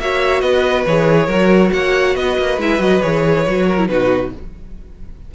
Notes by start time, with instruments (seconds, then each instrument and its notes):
0.00 cello A#3, viola F#4, violin C#5 E5
0.41 cello B3, violin B4 D#5
0.87 cello E3, viola G#4, violin C#5
1.26 cello F#3, viola F#4, violin A#4
1.73 cello A#3, violin C#5 F#5
2.16 cello B3, violin B4 D#5
2.39 cello A#3
2.58 cello G#3, viola E4, violin E5
2.80 cello F#3, viola F#4, violin D#5
3.02 cello E3, viola G#4, violin C#5
3.48 cello F#3, viola F#4
3.67 violin A#4
3.78 viola E4
3.88 cello B2, viola D#4, violin F#4 B4